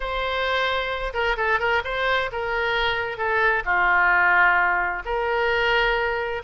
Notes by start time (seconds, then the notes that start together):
0.00 C5
1.13 A#4
1.37 A4
1.59 A#4
1.84 C5
2.32 A#4
3.17 A4
3.65 F4
5.05 A#4